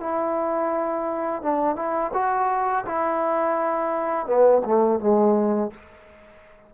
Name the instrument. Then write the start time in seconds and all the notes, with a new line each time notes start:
trombone
0.00 E4
1.43 D4
1.76 E4
2.14 F#4
2.86 E4
4.27 B3
4.65 A3
5.00 G#3